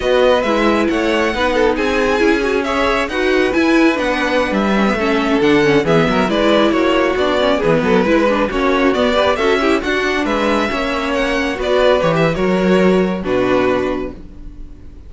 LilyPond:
<<
  \new Staff \with { instrumentName = "violin" } { \time 4/4 \tempo 4 = 136 dis''4 e''4 fis''2 | gis''2 e''4 fis''4 | gis''4 fis''4~ fis''16 e''4.~ e''16~ | e''16 fis''4 e''4 d''4 cis''8.~ |
cis''16 d''4 b'2 cis''8.~ | cis''16 d''4 e''4 fis''4 e''8.~ | e''4~ e''16 fis''4 d''4 cis''16 e''8 | cis''2 b'2 | }
  \new Staff \with { instrumentName = "violin" } { \time 4/4 b'2 cis''4 b'8 a'8 | gis'2 cis''4 b'4~ | b'2.~ b'16 a'8.~ | a'4~ a'16 gis'8 ais'8 b'4 fis'8.~ |
fis'4~ fis'16 gis'8 a'8 b'4 fis'8.~ | fis'8. b'8 a'8 g'8 fis'4 b'8.~ | b'16 cis''2 b'4.~ b'16 | ais'2 fis'2 | }
  \new Staff \with { instrumentName = "viola" } { \time 4/4 fis'4 e'2 dis'4~ | dis'4 e'8 fis'8 gis'4 fis'4 | e'4 d'4.~ d'16 cis'16 b16 cis'8.~ | cis'16 d'8 cis'8 b4 e'4.~ e'16~ |
e'16 d'8 cis'8 b4 e'8 d'8 cis'8.~ | cis'16 b8 g'8 fis'8 e'8 d'4.~ d'16~ | d'16 cis'2 fis'4 g'8. | fis'2 d'2 | }
  \new Staff \with { instrumentName = "cello" } { \time 4/4 b4 gis4 a4 b4 | c'4 cis'2 dis'4 | e'4 b4~ b16 g4 a8.~ | a16 d4 e8 fis8 gis4 ais8.~ |
ais16 b4 e8 fis8 gis4 ais8.~ | ais16 b4 cis'4 d'4 gis8.~ | gis16 ais2 b4 e8. | fis2 b,2 | }
>>